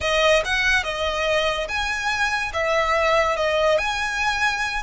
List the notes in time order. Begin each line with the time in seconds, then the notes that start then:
0.00 D#5
0.44 F#5
0.83 D#5
1.68 G#5
2.53 E5
3.36 D#5
3.78 G#5